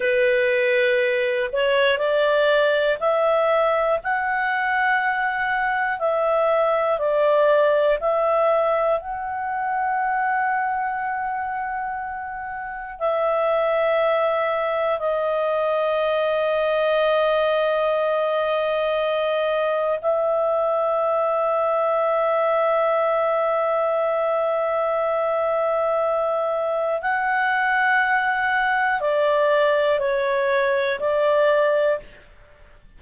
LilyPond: \new Staff \with { instrumentName = "clarinet" } { \time 4/4 \tempo 4 = 60 b'4. cis''8 d''4 e''4 | fis''2 e''4 d''4 | e''4 fis''2.~ | fis''4 e''2 dis''4~ |
dis''1 | e''1~ | e''2. fis''4~ | fis''4 d''4 cis''4 d''4 | }